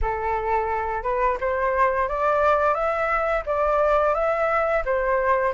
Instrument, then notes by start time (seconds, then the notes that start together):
flute
0.01 A4
1.03 B4
1.40 C5
2.08 D5
2.74 E5
3.45 D5
4.14 E5
4.85 C5